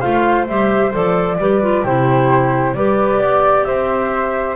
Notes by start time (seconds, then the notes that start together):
0.00 A3 F4 C5 F5
0.47 G3 G4 E5
0.92 F3 A4 D5
1.38 G3 G4 B4
1.62 F4
1.83 C3 E4 G4 C5
2.73 G3 G4 B4 D5
3.18 B3 D5
3.64 C4 C5 E5